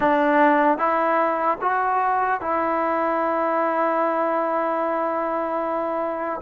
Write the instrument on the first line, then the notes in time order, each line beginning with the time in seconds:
trombone
0.00 D4
0.78 E4
1.61 F#4
2.40 E4